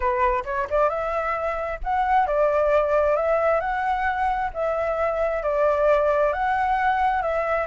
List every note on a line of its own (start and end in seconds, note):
0.00 0.43 B4
0.44 0.67 C#5
0.70 0.89 D5
0.89 1.79 E5
1.83 2.26 F#5
2.26 3.16 D5
3.16 3.60 E5
3.60 4.50 F#5
4.53 5.43 E5
5.43 6.32 D5
6.32 7.22 F#5
7.22 7.67 E5